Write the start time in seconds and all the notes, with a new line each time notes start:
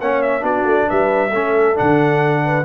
0.00 A#3 C#4 C#5 F#5
0.22 E5
0.40 B3 D4 F#4 D5
0.64 A3
0.88 G3 B4 E5
1.29 A3 C#4 A4
1.75 D3 D4 F#5
2.45 B4